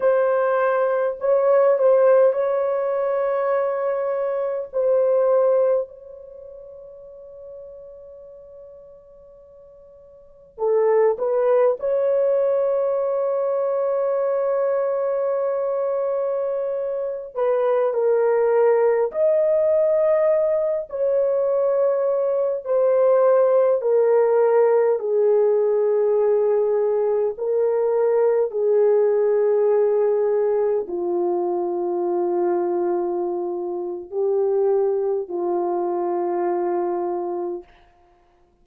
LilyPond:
\new Staff \with { instrumentName = "horn" } { \time 4/4 \tempo 4 = 51 c''4 cis''8 c''8 cis''2 | c''4 cis''2.~ | cis''4 a'8 b'8 cis''2~ | cis''2~ cis''8. b'8 ais'8.~ |
ais'16 dis''4. cis''4. c''8.~ | c''16 ais'4 gis'2 ais'8.~ | ais'16 gis'2 f'4.~ f'16~ | f'4 g'4 f'2 | }